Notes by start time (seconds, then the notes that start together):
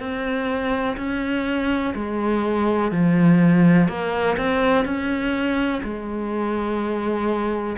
0.00 C4
0.97 C#4
1.95 G#3
2.92 F3
3.88 A#3
4.37 C4
4.85 C#4
5.83 G#3